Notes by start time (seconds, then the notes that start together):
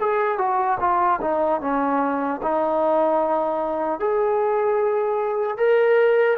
0.00 G#4
0.38 F#4
0.80 F4
1.21 D#4
1.61 C#4
2.43 D#4
4.00 G#4
5.57 A#4